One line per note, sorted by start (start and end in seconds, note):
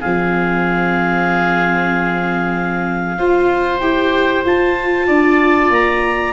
0.00 3.18 F3
0.00 3.17 C4
0.00 3.16 G#4
0.00 3.79 F5
3.18 3.81 F4
3.18 5.07 C5
3.79 4.44 E4
3.79 4.44 G4
3.79 4.42 G5
4.44 6.33 F4
4.44 5.08 F4
4.44 5.72 A5
5.07 5.70 D4
5.07 6.33 D5
5.70 6.33 A#3
5.70 6.33 A#5